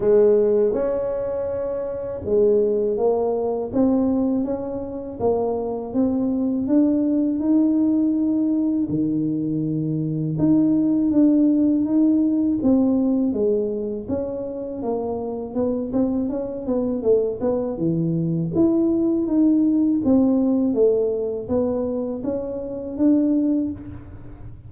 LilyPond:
\new Staff \with { instrumentName = "tuba" } { \time 4/4 \tempo 4 = 81 gis4 cis'2 gis4 | ais4 c'4 cis'4 ais4 | c'4 d'4 dis'2 | dis2 dis'4 d'4 |
dis'4 c'4 gis4 cis'4 | ais4 b8 c'8 cis'8 b8 a8 b8 | e4 e'4 dis'4 c'4 | a4 b4 cis'4 d'4 | }